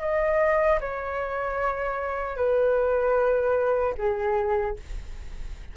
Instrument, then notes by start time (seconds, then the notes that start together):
flute
0.00 D#5
0.80 C#5
2.36 B4
3.97 G#4